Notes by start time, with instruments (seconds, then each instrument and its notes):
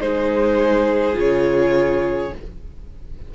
0.00 cello G#3, viola D#4, violin G#4 C5
1.13 cello C#3, viola F4
1.19 violin C#5